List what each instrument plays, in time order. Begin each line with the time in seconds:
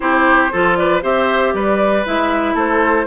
0.00 bassoon C4, clarinet E4, oboe G4, flute C5
0.52 bassoon F3, clarinet F4, oboe A4
0.76 oboe B4, flute D5
1.01 bassoon C4, clarinet G4, oboe C5, flute E5
1.53 bassoon G3, oboe B4, flute D5
2.05 bassoon G#3, clarinet E4, flute E5
2.54 bassoon A3, oboe A4, flute C5